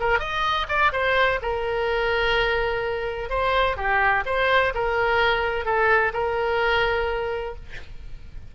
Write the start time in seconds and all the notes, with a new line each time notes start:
0.00 A#4
0.19 D#5
0.68 D5
0.92 C5
1.42 A#4
3.29 C5
3.77 G4
4.26 C5
4.74 A#4
5.65 A4
6.13 A#4